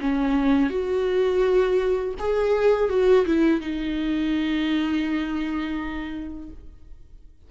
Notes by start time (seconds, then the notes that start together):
0.00 C#4
0.69 F#4
2.19 G#4
2.89 F#4
3.25 E4
3.60 D#4